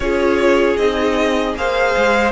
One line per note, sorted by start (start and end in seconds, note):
0.00 0.77 C#4
0.00 0.79 F4
0.00 1.57 G#4
0.00 0.76 C#5
0.76 1.55 C4
0.76 1.56 D#4
0.76 1.54 D#5
1.56 1.95 A#3
1.56 2.31 G#4
1.56 2.31 C5
1.56 2.31 F5
1.96 2.31 G#3